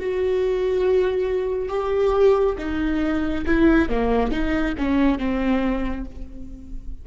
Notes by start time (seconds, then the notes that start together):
0.00 F#4
1.69 G4
2.58 D#4
3.46 E4
3.89 A#3
4.31 D#4
4.78 C#4
5.19 C4